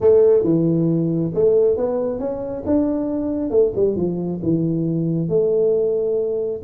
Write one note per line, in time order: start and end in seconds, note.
0.00 0.43 A3
0.43 1.32 E3
1.34 1.76 A3
1.76 2.19 B3
2.19 2.63 C#4
2.66 3.50 D4
3.50 3.72 A3
3.75 3.95 G3
3.95 4.40 F3
4.42 5.28 E3
5.28 6.61 A3